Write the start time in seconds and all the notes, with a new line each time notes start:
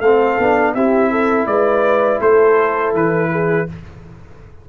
0.00 A3 C4 A4 F5
0.38 B3 D4
0.74 C4 E4 G4 E5
1.11 A4
1.46 G#3 B4 D5
2.20 A3 A4 C5
2.93 E3 B4
3.31 G#4